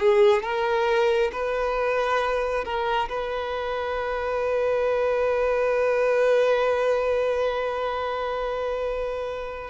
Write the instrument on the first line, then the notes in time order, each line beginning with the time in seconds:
violin
0.00 G#4
0.43 A#4
1.33 B4
2.65 A#4
3.09 B4